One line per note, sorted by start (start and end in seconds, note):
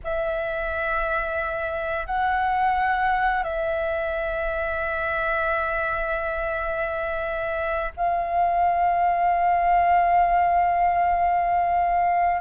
0.03 2.06 E5
2.06 3.43 F#5
3.43 7.91 E5
7.97 12.41 F5